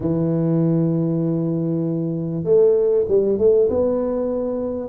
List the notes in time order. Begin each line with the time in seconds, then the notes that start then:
0.00 E3
2.44 A3
3.08 G3
3.38 A3
3.69 B3